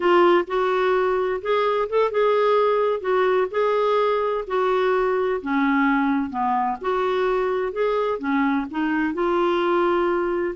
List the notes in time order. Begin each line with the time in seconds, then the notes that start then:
0.00 F4
0.47 F#4
1.41 G#4
1.89 A4
2.11 G#4
3.00 F#4
3.50 G#4
4.47 F#4
5.41 C#4
6.30 B3
6.81 F#4
7.72 G#4
8.19 C#4
8.70 D#4
9.14 F4